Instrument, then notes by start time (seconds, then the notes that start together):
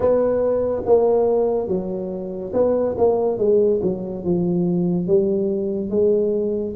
tuba
0.00 B3
0.85 A#3
1.67 F#3
2.53 B3
2.97 A#3
3.38 G#3
3.82 F#3
4.24 F3
5.07 G3
5.90 G#3